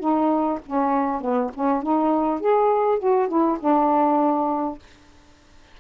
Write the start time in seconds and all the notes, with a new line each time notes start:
0.00 D#4
0.66 C#4
1.22 B3
1.55 C#4
1.83 D#4
2.40 G#4
2.99 F#4
3.29 E4
3.60 D4